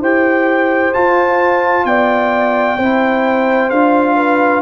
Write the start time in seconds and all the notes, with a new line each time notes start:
0.00 E4 G4 C5 G5
0.93 F4 A5
1.85 B3 D5 G5
2.77 C4 E4 C5
3.70 D4 F4 F5
4.16 B4